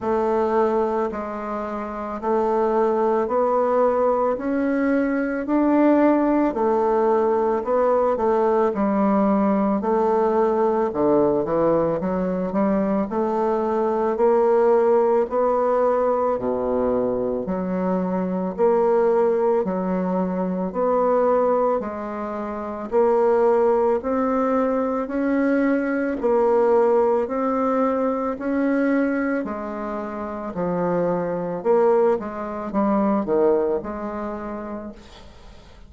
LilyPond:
\new Staff \with { instrumentName = "bassoon" } { \time 4/4 \tempo 4 = 55 a4 gis4 a4 b4 | cis'4 d'4 a4 b8 a8 | g4 a4 d8 e8 fis8 g8 | a4 ais4 b4 b,4 |
fis4 ais4 fis4 b4 | gis4 ais4 c'4 cis'4 | ais4 c'4 cis'4 gis4 | f4 ais8 gis8 g8 dis8 gis4 | }